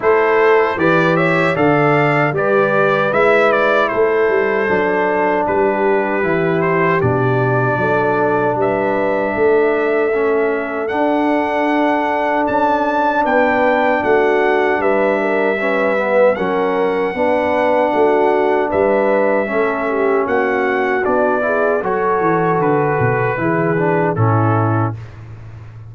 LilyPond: <<
  \new Staff \with { instrumentName = "trumpet" } { \time 4/4 \tempo 4 = 77 c''4 d''8 e''8 f''4 d''4 | e''8 d''8 c''2 b'4~ | b'8 c''8 d''2 e''4~ | e''2 fis''2 |
a''4 g''4 fis''4 e''4~ | e''4 fis''2. | e''2 fis''4 d''4 | cis''4 b'2 a'4 | }
  \new Staff \with { instrumentName = "horn" } { \time 4/4 a'4 b'8 cis''8 d''4 b'4~ | b'4 a'2 g'4~ | g'2 a'4 b'4 | a'1~ |
a'4 b'4 fis'4 b'8 ais'8 | b'4 ais'4 b'4 fis'4 | b'4 a'8 g'8 fis'4. gis'8 | a'2 gis'4 e'4 | }
  \new Staff \with { instrumentName = "trombone" } { \time 4/4 e'4 g'4 a'4 g'4 | e'2 d'2 | e'4 d'2.~ | d'4 cis'4 d'2~ |
d'1 | cis'8 b8 cis'4 d'2~ | d'4 cis'2 d'8 e'8 | fis'2 e'8 d'8 cis'4 | }
  \new Staff \with { instrumentName = "tuba" } { \time 4/4 a4 e4 d4 g4 | gis4 a8 g8 fis4 g4 | e4 b,4 fis4 g4 | a2 d'2 |
cis'4 b4 a4 g4~ | g4 fis4 b4 a4 | g4 a4 ais4 b4 | fis8 e8 d8 b,8 e4 a,4 | }
>>